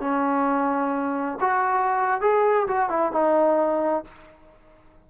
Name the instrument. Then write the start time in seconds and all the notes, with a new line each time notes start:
trombone
0.00 C#4
1.40 F#4
2.21 G#4
2.67 F#4
2.90 E4
3.12 D#4